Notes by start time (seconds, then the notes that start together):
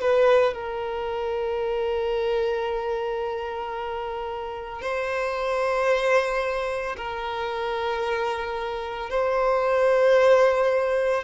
0.00 B4
0.53 A#4
4.81 C5
6.96 A#4
9.10 C5